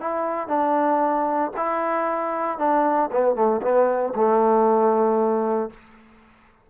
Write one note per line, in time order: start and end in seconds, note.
0.00 0.47 E4
0.47 1.51 D4
1.56 2.58 E4
2.58 3.10 D4
3.11 3.35 B3
3.35 3.61 A3
3.61 4.13 B3
4.15 5.70 A3